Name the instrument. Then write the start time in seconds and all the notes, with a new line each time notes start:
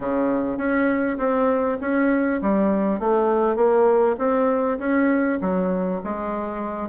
bassoon
0.00 C#3
0.57 C#4
1.18 C4
1.80 C#4
2.41 G3
2.99 A3
3.56 A#3
4.18 C4
4.78 C#4
5.41 F#3
6.04 G#3